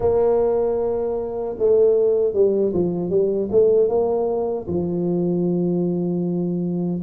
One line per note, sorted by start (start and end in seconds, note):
0.00 1.56 A#3
1.58 2.33 A3
2.33 2.72 G3
2.73 3.10 F3
3.10 3.49 G3
3.51 3.88 A3
3.88 4.66 A#3
4.68 7.01 F3